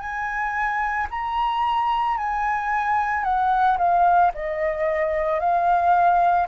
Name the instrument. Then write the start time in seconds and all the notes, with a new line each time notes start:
flute
0.00 G#5
1.10 A#5
2.17 G#5
3.24 F#5
3.77 F5
4.34 D#5
5.40 F5